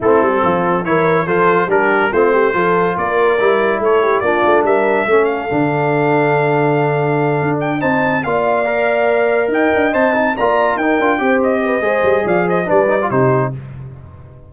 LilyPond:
<<
  \new Staff \with { instrumentName = "trumpet" } { \time 4/4 \tempo 4 = 142 a'2 cis''4 c''4 | ais'4 c''2 d''4~ | d''4 cis''4 d''4 e''4~ | e''8 f''2.~ f''8~ |
f''2 g''8 a''4 f''8~ | f''2~ f''8 g''4 a''8~ | a''8 ais''4 g''4. dis''4~ | dis''4 f''8 dis''8 d''4 c''4 | }
  \new Staff \with { instrumentName = "horn" } { \time 4/4 e'4 f'4 ais'4 a'4 | g'4 f'8 g'8 a'4 ais'4~ | ais'4 a'8 g'8 f'4 ais'4 | a'1~ |
a'2~ a'8 c''4 d''8~ | d''2~ d''8 dis''4.~ | dis''8 d''4 ais'4 c''4 b'8 | c''4 d''8 c''8 b'4 g'4 | }
  \new Staff \with { instrumentName = "trombone" } { \time 4/4 c'2 e'4 f'4 | d'4 c'4 f'2 | e'2 d'2 | cis'4 d'2.~ |
d'2~ d'8 dis'4 f'8~ | f'8 ais'2. c''8 | dis'8 f'4 dis'8 f'8 g'4. | gis'2 d'8 dis'16 f'16 dis'4 | }
  \new Staff \with { instrumentName = "tuba" } { \time 4/4 a8 g8 f4 e4 f4 | g4 a4 f4 ais4 | g4 a4 ais8 a8 g4 | a4 d2.~ |
d4. d'4 c'4 ais8~ | ais2~ ais8 dis'8 d'8 c'8~ | c'8 ais4 dis'8 d'8 c'4. | gis8 g8 f4 g4 c4 | }
>>